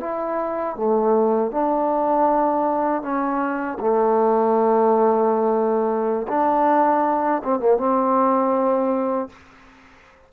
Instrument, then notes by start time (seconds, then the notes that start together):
trombone
0.00 E4
0.76 A3
1.51 D4
3.02 C#4
3.80 A3
6.28 D4
7.44 C4
7.59 A#3
7.77 C4